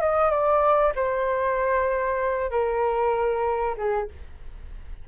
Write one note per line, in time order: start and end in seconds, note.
0.00 0.31 D#5
0.31 0.93 D5
0.95 2.51 C5
2.51 3.76 A#4
3.77 4.08 G#4